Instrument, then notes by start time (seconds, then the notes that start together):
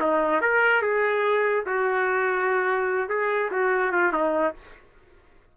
trumpet
0.00 D#4
0.41 A#4
0.82 G#4
1.66 F#4
3.09 G#4
3.51 F#4
3.92 F4
4.13 D#4